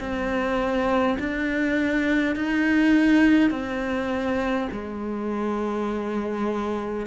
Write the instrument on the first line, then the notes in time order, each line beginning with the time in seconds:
cello
0.00 C4
1.19 D4
2.36 D#4
3.50 C4
4.72 G#3